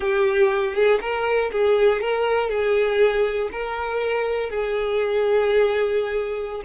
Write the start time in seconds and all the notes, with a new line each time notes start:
0.00 G4
0.74 G#4
1.01 A#4
1.52 G#4
2.01 A#4
2.49 G#4
3.52 A#4
4.50 G#4